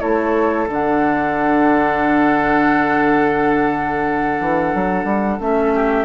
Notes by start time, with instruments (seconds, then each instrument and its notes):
0.00 bassoon A3, clarinet E4, oboe A4, flute C#5
0.68 bassoon D3, clarinet D4, flute F#5
4.41 bassoon E3
4.75 bassoon F#3
5.05 bassoon G3
5.40 bassoon A3, clarinet C#4, flute E5
5.75 oboe G4